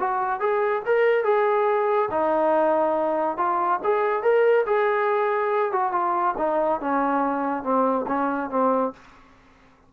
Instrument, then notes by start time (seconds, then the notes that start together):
trombone
0.00 F#4
0.40 G#4
0.86 A#4
1.24 G#4
2.11 D#4
3.38 F4
3.84 G#4
4.23 A#4
4.66 G#4
5.72 F#4
5.92 F4
6.38 D#4
6.81 C#4
7.64 C4
8.08 C#4
8.50 C4